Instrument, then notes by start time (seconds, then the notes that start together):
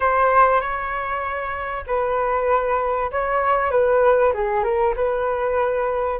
flute
0.00 C5
0.60 C#5
1.87 B4
3.11 C#5
3.70 B4
4.33 G#4
4.63 A#4
4.96 B4